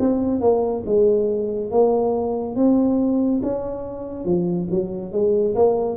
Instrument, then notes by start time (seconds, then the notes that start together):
tuba
0.00 C4
0.41 A#3
0.86 G#3
1.71 A#3
2.56 C4
3.43 C#4
4.25 F3
4.70 F#3
5.12 G#3
5.56 A#3